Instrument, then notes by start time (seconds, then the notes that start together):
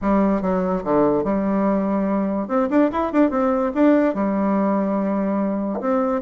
bassoon
0.01 G3
0.41 F#3
0.84 D3
1.24 G3
2.48 C4
2.70 D4
2.91 E4
3.12 D4
3.30 C4
3.74 D4
4.14 G3
5.80 C4